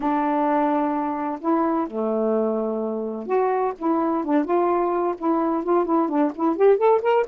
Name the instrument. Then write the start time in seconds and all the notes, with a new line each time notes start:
saxophone
0.00 D4
1.41 E4
1.87 A3
3.26 F#4
3.78 E4
4.24 D4
4.44 F4
5.18 E4
5.63 F4
5.85 E4
6.08 D4
6.35 E4
6.56 G4
6.77 A4
7.02 A#4